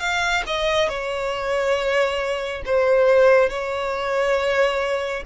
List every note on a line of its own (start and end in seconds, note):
0.00 0.43 F5
0.47 0.89 D#5
0.89 2.63 C#5
2.66 3.50 C5
3.50 5.24 C#5